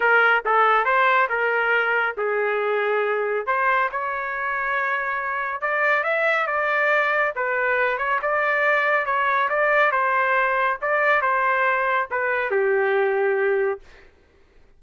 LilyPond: \new Staff \with { instrumentName = "trumpet" } { \time 4/4 \tempo 4 = 139 ais'4 a'4 c''4 ais'4~ | ais'4 gis'2. | c''4 cis''2.~ | cis''4 d''4 e''4 d''4~ |
d''4 b'4. cis''8 d''4~ | d''4 cis''4 d''4 c''4~ | c''4 d''4 c''2 | b'4 g'2. | }